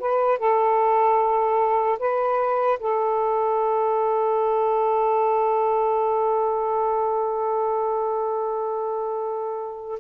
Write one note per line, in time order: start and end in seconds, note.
0.00 0.39 B4
0.39 1.99 A4
1.99 2.79 B4
2.80 10.00 A4